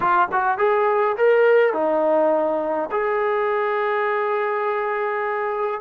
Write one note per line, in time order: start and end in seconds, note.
0.00 0.28 F4
0.32 0.58 F#4
0.58 1.16 G#4
1.17 1.73 A#4
1.73 2.89 D#4
2.91 5.80 G#4